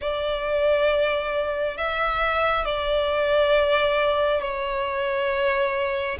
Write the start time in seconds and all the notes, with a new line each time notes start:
0.01 D5
1.76 E5
2.65 D5
4.41 C#5